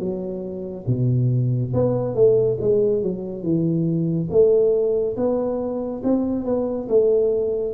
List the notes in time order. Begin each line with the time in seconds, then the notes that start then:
0.00 F#3
0.87 B2
1.74 B3
2.15 A3
2.61 G#3
3.03 F#3
3.43 E3
4.31 A3
5.17 B3
6.04 C4
6.45 B3
6.89 A3